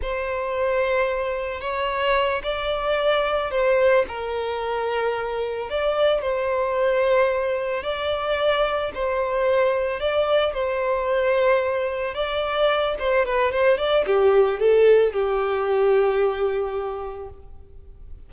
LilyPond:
\new Staff \with { instrumentName = "violin" } { \time 4/4 \tempo 4 = 111 c''2. cis''4~ | cis''8 d''2 c''4 ais'8~ | ais'2~ ais'8 d''4 c''8~ | c''2~ c''8 d''4.~ |
d''8 c''2 d''4 c''8~ | c''2~ c''8 d''4. | c''8 b'8 c''8 d''8 g'4 a'4 | g'1 | }